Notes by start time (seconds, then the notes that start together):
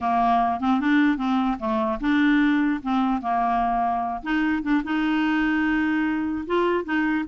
0.00 A#3
0.60 C4
0.80 D4
1.17 C4
1.59 A3
2.00 D4
2.83 C4
3.21 A#3
4.22 D#4
4.62 D4
4.84 D#4
6.46 F4
6.84 D#4